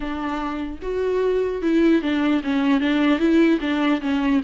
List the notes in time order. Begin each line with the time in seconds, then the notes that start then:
0.00 D4
0.82 F#4
1.61 E4
2.01 D4
2.43 C#4
2.80 D4
3.19 E4
3.60 D4
4.01 C#4